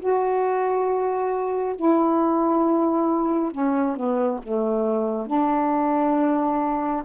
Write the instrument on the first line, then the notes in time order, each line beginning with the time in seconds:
saxophone
0.00 F#4
1.76 E4
3.52 C#4
3.97 B3
4.43 A3
5.27 D4